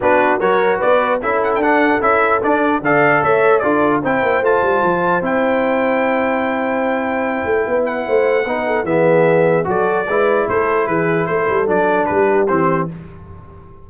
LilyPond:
<<
  \new Staff \with { instrumentName = "trumpet" } { \time 4/4 \tempo 4 = 149 b'4 cis''4 d''4 e''8 fis''16 g''16 | fis''4 e''4 d''4 f''4 | e''4 d''4 g''4 a''4~ | a''4 g''2.~ |
g''2.~ g''8 fis''8~ | fis''2 e''2 | d''2 c''4 b'4 | c''4 d''4 b'4 c''4 | }
  \new Staff \with { instrumentName = "horn" } { \time 4/4 fis'4 ais'4 b'4 a'4~ | a'2. d''4 | cis''4 a'4 c''2~ | c''1~ |
c''2. b'4 | c''4 b'8 a'8 gis'2 | a'4 b'4 a'4 gis'4 | a'2 g'2 | }
  \new Staff \with { instrumentName = "trombone" } { \time 4/4 d'4 fis'2 e'4 | d'4 e'4 d'4 a'4~ | a'4 f'4 e'4 f'4~ | f'4 e'2.~ |
e'1~ | e'4 dis'4 b2 | fis'4 e'2.~ | e'4 d'2 c'4 | }
  \new Staff \with { instrumentName = "tuba" } { \time 4/4 b4 fis4 b4 cis'4 | d'4 cis'4 d'4 d4 | a4 d'4 c'8 ais8 a8 g8 | f4 c'2.~ |
c'2~ c'8 a8 b4 | a4 b4 e2 | fis4 gis4 a4 e4 | a8 g8 fis4 g4 e4 | }
>>